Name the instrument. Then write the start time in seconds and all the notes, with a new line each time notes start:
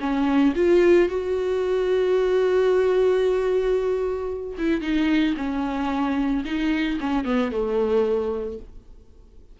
viola
0.00 C#4
0.56 F4
1.09 F#4
4.58 E4
4.81 D#4
5.37 C#4
6.45 D#4
7.00 C#4
7.25 B3
7.51 A3